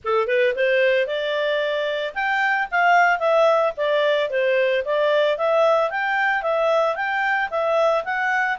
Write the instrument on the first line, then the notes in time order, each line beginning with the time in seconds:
clarinet
0.04 A4
0.27 B4
0.55 C5
1.06 D5
2.14 G5
2.71 F5
3.19 E5
3.76 D5
4.30 C5
4.85 D5
5.37 E5
5.90 G5
6.42 E5
6.95 G5
7.50 E5
8.04 F#5